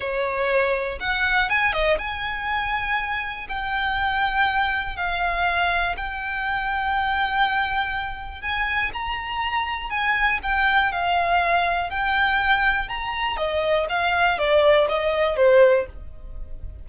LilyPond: \new Staff \with { instrumentName = "violin" } { \time 4/4 \tempo 4 = 121 cis''2 fis''4 gis''8 dis''8 | gis''2. g''4~ | g''2 f''2 | g''1~ |
g''4 gis''4 ais''2 | gis''4 g''4 f''2 | g''2 ais''4 dis''4 | f''4 d''4 dis''4 c''4 | }